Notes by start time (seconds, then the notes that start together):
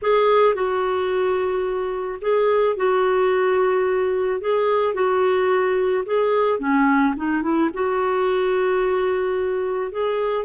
0.02 G#4
0.54 F#4
2.21 G#4
2.76 F#4
4.41 G#4
4.94 F#4
6.05 G#4
6.59 C#4
7.16 D#4
7.42 E4
7.73 F#4
9.91 G#4